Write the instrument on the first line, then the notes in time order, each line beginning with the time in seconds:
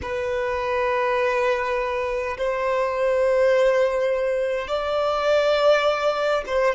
violin
0.02 B4
2.37 C5
4.67 D5
6.46 C5